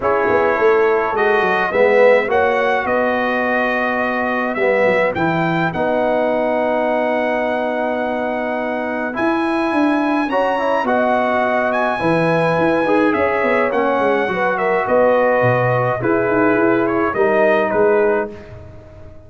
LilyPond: <<
  \new Staff \with { instrumentName = "trumpet" } { \time 4/4 \tempo 4 = 105 cis''2 dis''4 e''4 | fis''4 dis''2. | e''4 g''4 fis''2~ | fis''1 |
gis''2 ais''4 fis''4~ | fis''8 gis''2~ gis''8 e''4 | fis''4. e''8 dis''2 | b'4. cis''8 dis''4 b'4 | }
  \new Staff \with { instrumentName = "horn" } { \time 4/4 gis'4 a'2 b'4 | cis''4 b'2.~ | b'1~ | b'1~ |
b'2 cis''4 dis''4~ | dis''4 b'2 cis''4~ | cis''4 b'8 ais'8 b'2 | gis'2 ais'4 gis'4 | }
  \new Staff \with { instrumentName = "trombone" } { \time 4/4 e'2 fis'4 b4 | fis'1 | b4 e'4 dis'2~ | dis'1 |
e'2 fis'8 e'8 fis'4~ | fis'4 e'4. gis'4. | cis'4 fis'2. | e'2 dis'2 | }
  \new Staff \with { instrumentName = "tuba" } { \time 4/4 cis'8 b8 a4 gis8 fis8 gis4 | ais4 b2. | g8 fis8 e4 b2~ | b1 |
e'4 d'4 cis'4 b4~ | b4 e4 e'8 dis'8 cis'8 b8 | ais8 gis8 fis4 b4 b,4 | e'8 dis'8 e'4 g4 gis4 | }
>>